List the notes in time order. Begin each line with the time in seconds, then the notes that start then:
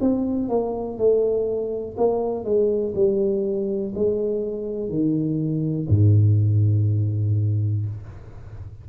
0.00 C4
0.48 A#3
0.97 A3
1.97 A#3
2.44 G#3
2.95 G3
3.94 G#3
4.89 D#3
5.88 G#2